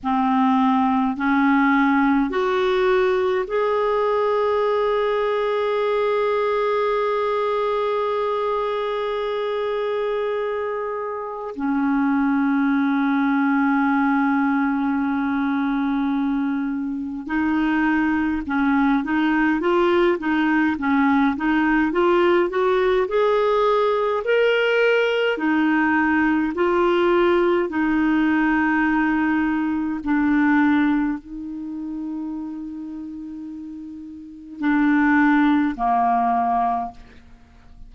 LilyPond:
\new Staff \with { instrumentName = "clarinet" } { \time 4/4 \tempo 4 = 52 c'4 cis'4 fis'4 gis'4~ | gis'1~ | gis'2 cis'2~ | cis'2. dis'4 |
cis'8 dis'8 f'8 dis'8 cis'8 dis'8 f'8 fis'8 | gis'4 ais'4 dis'4 f'4 | dis'2 d'4 dis'4~ | dis'2 d'4 ais4 | }